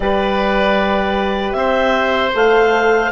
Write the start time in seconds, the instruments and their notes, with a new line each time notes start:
0.00 bassoon G3, horn G4, oboe B4, clarinet D5
1.52 bassoon C4, oboe C5, clarinet E5
2.33 bassoon A3, horn A4, clarinet F5